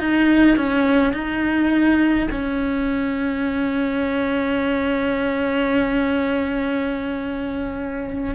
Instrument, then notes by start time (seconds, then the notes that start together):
cello
0.00 D#4
0.57 C#4
1.13 D#4
2.31 C#4